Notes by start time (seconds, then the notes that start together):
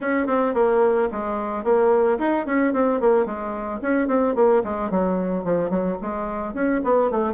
0.00 C#4
0.27 C4
0.54 A#3
1.11 G#3
1.64 A#3
2.18 D#4
2.46 C#4
2.73 C4
3.00 A#3
3.25 G#3
3.82 C#4
4.07 C4
4.35 A#3
4.64 G#3
4.90 F#3
5.44 F3
5.70 F#3
6.01 G#3
6.54 C#4
6.84 B3
7.10 A3